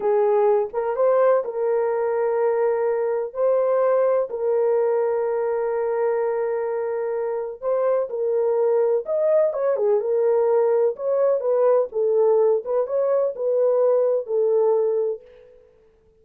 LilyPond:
\new Staff \with { instrumentName = "horn" } { \time 4/4 \tempo 4 = 126 gis'4. ais'8 c''4 ais'4~ | ais'2. c''4~ | c''4 ais'2.~ | ais'1 |
c''4 ais'2 dis''4 | cis''8 gis'8 ais'2 cis''4 | b'4 a'4. b'8 cis''4 | b'2 a'2 | }